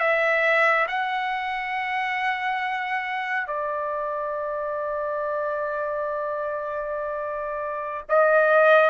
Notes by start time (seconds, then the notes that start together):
0.00 E5
0.89 F#5
3.47 D5
8.09 D#5